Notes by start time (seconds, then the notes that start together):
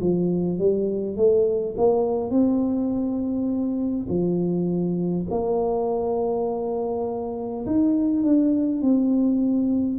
0.00 F3
0.58 G3
1.16 A3
1.76 A#3
2.30 C4
4.09 F3
5.30 A#3
7.66 D#4
8.23 D4
8.81 C4